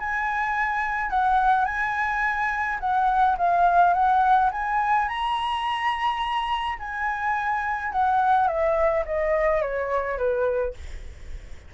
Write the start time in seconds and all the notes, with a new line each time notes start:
0.00 G#5
1.10 F#5
1.66 G#5
2.80 F#5
3.38 F5
3.94 F#5
4.52 G#5
5.09 A#5
6.79 G#5
7.93 F#5
8.48 E5
9.06 D#5
9.62 C#5
10.18 B4